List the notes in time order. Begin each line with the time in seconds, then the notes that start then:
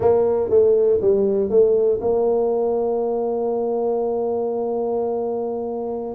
0.00 A#3
0.49 A3
1.01 G3
1.49 A3
2.00 A#3